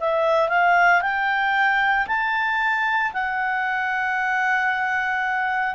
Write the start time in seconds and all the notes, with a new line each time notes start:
0.00 E5
0.49 F5
1.02 G5
2.08 A5
3.13 F#5